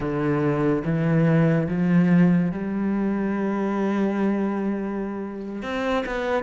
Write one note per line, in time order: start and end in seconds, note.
0.00 0.83 D3
0.84 1.68 E3
1.68 2.51 F3
2.51 5.62 G3
5.62 6.04 C4
6.06 6.43 B3